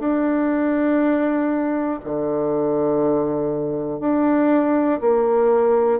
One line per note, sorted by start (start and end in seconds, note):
0.00 2.00 D4
2.05 4.00 D3
4.00 5.00 D4
5.01 6.00 A#3